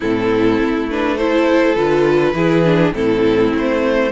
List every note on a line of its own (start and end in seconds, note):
0.00 0.60 A2
0.00 0.90 C4
0.00 1.15 E4
0.00 0.89 A4
0.60 1.76 A3
0.90 1.18 D4
0.90 1.17 B4
1.15 1.76 E4
1.15 2.32 A4
1.15 1.75 C5
1.75 2.33 D3
1.75 2.34 F4
1.75 2.93 B4
2.33 2.92 E3
2.33 2.64 E4
2.33 2.94 G#4
2.64 2.93 D4
2.93 3.53 A2
2.93 4.11 C4
2.93 4.11 E4
2.93 3.53 A4
3.53 4.11 A3
3.53 4.11 C5